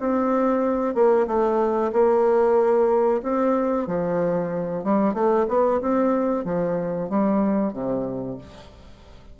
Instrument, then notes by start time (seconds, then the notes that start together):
bassoon
0.00 C4
0.95 A#3
1.27 A3
1.93 A#3
3.23 C4
3.87 F3
4.84 G3
5.14 A3
5.48 B3
5.81 C4
6.45 F3
7.09 G3
7.73 C3